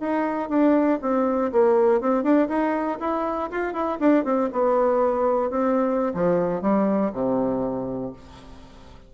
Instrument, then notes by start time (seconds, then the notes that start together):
bassoon
0.00 D#4
0.49 D4
1.01 C4
1.52 A#3
2.01 C4
2.23 D4
2.48 D#4
3.00 E4
3.51 F4
3.73 E4
4.00 D4
4.25 C4
4.52 B3
5.50 C4
6.14 F3
6.61 G3
7.13 C3